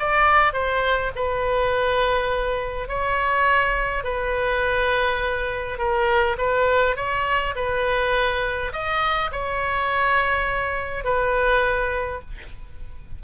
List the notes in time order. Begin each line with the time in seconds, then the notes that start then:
0.00 D5
0.53 C5
1.16 B4
2.89 C#5
4.04 B4
5.79 A#4
6.38 B4
6.97 C#5
7.56 B4
8.73 D#5
9.32 C#5
11.05 B4